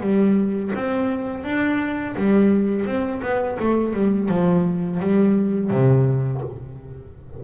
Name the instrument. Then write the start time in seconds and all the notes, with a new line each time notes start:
double bass
0.00 G3
0.75 C4
1.44 D4
2.16 G3
2.85 C4
3.22 B3
3.59 A3
3.93 G3
4.29 F3
4.99 G3
5.70 C3